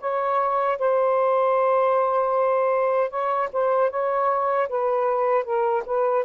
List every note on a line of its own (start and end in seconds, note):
0.00 0.78 C#5
0.78 3.10 C5
3.10 3.49 C#5
3.52 3.90 C5
3.90 4.68 C#5
4.69 5.44 B4
5.44 5.83 A#4
5.85 6.24 B4